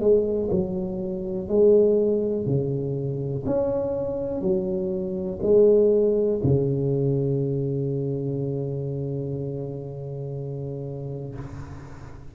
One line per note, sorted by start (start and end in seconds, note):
0.00 0.49 G#3
0.51 1.48 F#3
1.48 2.46 G#3
2.46 3.44 C#3
3.46 4.41 C#4
4.41 5.40 F#3
5.42 6.41 G#3
6.43 11.35 C#3